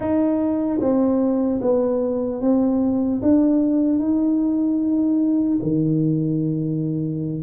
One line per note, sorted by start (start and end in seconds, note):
0.00 0.79 D#4
0.80 1.60 C4
1.61 2.41 B3
2.41 3.21 C4
3.22 3.99 D4
3.99 5.59 D#4
5.62 7.42 D#3